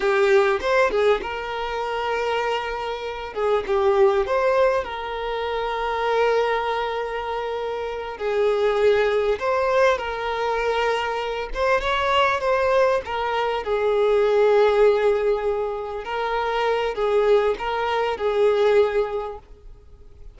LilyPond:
\new Staff \with { instrumentName = "violin" } { \time 4/4 \tempo 4 = 99 g'4 c''8 gis'8 ais'2~ | ais'4. gis'8 g'4 c''4 | ais'1~ | ais'4. gis'2 c''8~ |
c''8 ais'2~ ais'8 c''8 cis''8~ | cis''8 c''4 ais'4 gis'4.~ | gis'2~ gis'8 ais'4. | gis'4 ais'4 gis'2 | }